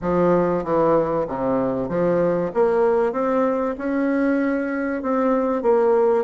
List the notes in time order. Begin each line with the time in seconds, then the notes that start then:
0.01 F3
0.63 E3
1.27 C3
1.88 F3
2.54 A#3
3.12 C4
3.78 C#4
5.02 C4
5.62 A#3